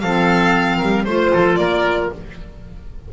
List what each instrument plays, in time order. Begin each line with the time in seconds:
0.00 double bass F3, clarinet C4, oboe A4, violin F5
0.77 double bass G3, oboe A#4
1.04 double bass A3, clarinet F4, oboe C5, violin C5
1.32 double bass F3, oboe A4
1.56 double bass A#3, oboe A#4, violin D5